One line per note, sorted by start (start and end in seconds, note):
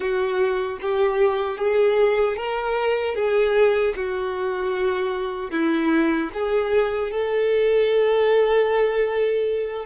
0.00 0.79 F#4
0.81 1.58 G4
1.58 2.36 G#4
2.36 3.15 A#4
3.15 3.94 G#4
3.96 5.51 F#4
5.51 6.30 E4
6.33 7.11 G#4
7.11 9.85 A4